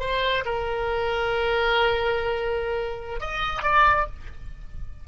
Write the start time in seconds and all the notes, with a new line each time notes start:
0.00 C5
0.46 A#4
3.21 D#5
3.63 D5